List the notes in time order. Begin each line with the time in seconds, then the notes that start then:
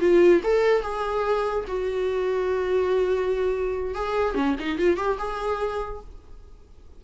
0.00 F4
0.43 A4
0.82 G#4
1.68 F#4
3.95 G#4
4.35 C#4
4.59 D#4
4.78 F4
4.97 G4
5.18 G#4